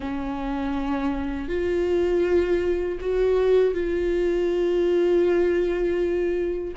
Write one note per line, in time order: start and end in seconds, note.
0.00 1.48 C#4
1.48 2.98 F4
3.00 3.74 F#4
3.74 6.74 F4